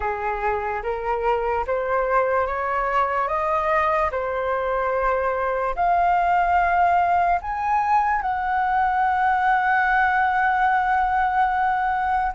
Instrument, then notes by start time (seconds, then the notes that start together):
flute
0.00 G#4
0.83 A#4
1.66 C5
2.46 C#5
3.28 D#5
4.11 C5
5.75 F5
7.41 G#5
8.21 F#5